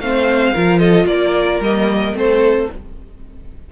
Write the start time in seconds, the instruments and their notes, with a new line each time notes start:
0.00 cello A3, viola C4, violin C5 F5
0.54 cello F3, viola F4, violin A#4
0.79 violin A4 D#5
1.06 cello A#3, violin A#4 D5
1.60 cello G3, viola A#3, violin D#5
2.13 cello A3, viola C4, violin A4 C5